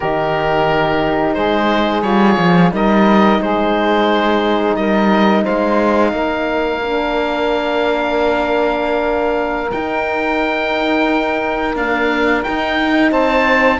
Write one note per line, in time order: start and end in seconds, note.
0.00 1.36 D#3
0.00 2.03 D#4
0.00 1.35 G4
0.00 1.34 A#4
1.34 2.02 G#3
1.34 2.72 G#4
1.34 2.02 C5
2.02 2.36 G3
2.02 2.72 F4
2.02 2.70 C#5
2.38 2.71 F3
2.71 3.39 G3
2.71 6.81 D#4
2.71 3.41 A#4
2.71 3.42 D#5
3.40 4.75 G#3
3.40 4.77 G#4
3.40 4.76 C5
4.75 5.43 G3
4.75 5.43 A#4
4.75 5.44 D#5
5.43 6.12 G#3
5.43 6.12 C5
5.43 9.71 F5
6.12 9.70 A#3
6.12 13.10 A#4
6.82 9.71 D4
9.71 11.76 D#4
9.71 11.75 D#4
9.71 11.76 G5
11.75 12.44 A#3
11.75 12.43 D4
11.75 12.43 F5
12.43 13.80 D#4
12.43 13.11 D#4
12.43 13.11 G5
13.10 13.79 C4
13.10 13.79 C5
13.10 13.80 A5